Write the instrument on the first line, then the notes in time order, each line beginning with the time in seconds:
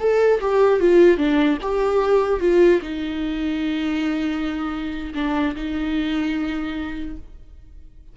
viola
0.00 A4
0.41 G4
0.80 F4
1.18 D4
1.62 G4
2.41 F4
2.82 D#4
5.15 D4
5.56 D#4